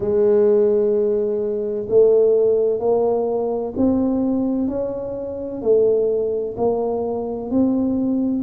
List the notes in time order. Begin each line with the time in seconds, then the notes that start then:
0.00 G#3
1.88 A3
2.79 A#3
3.76 C4
4.68 C#4
5.62 A3
6.57 A#3
7.50 C4